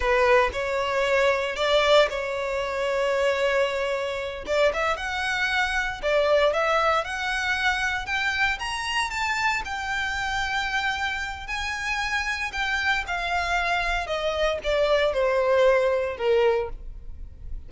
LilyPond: \new Staff \with { instrumentName = "violin" } { \time 4/4 \tempo 4 = 115 b'4 cis''2 d''4 | cis''1~ | cis''8 d''8 e''8 fis''2 d''8~ | d''8 e''4 fis''2 g''8~ |
g''8 ais''4 a''4 g''4.~ | g''2 gis''2 | g''4 f''2 dis''4 | d''4 c''2 ais'4 | }